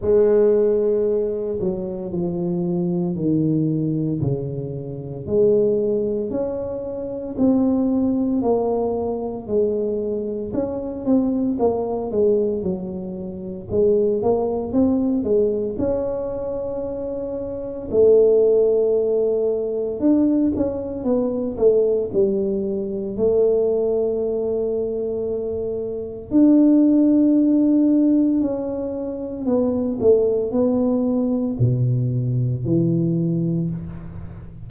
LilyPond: \new Staff \with { instrumentName = "tuba" } { \time 4/4 \tempo 4 = 57 gis4. fis8 f4 dis4 | cis4 gis4 cis'4 c'4 | ais4 gis4 cis'8 c'8 ais8 gis8 | fis4 gis8 ais8 c'8 gis8 cis'4~ |
cis'4 a2 d'8 cis'8 | b8 a8 g4 a2~ | a4 d'2 cis'4 | b8 a8 b4 b,4 e4 | }